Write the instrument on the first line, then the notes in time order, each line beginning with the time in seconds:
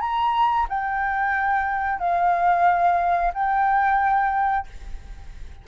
flute
0.00 A#5
0.69 G5
1.99 F5
3.34 G5